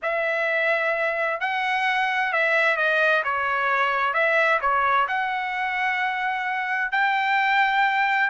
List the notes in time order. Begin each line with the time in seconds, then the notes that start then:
0.02 E5
1.40 F#5
2.32 E5
2.77 D#5
3.23 C#5
4.13 E5
4.61 C#5
5.08 F#5
6.91 G5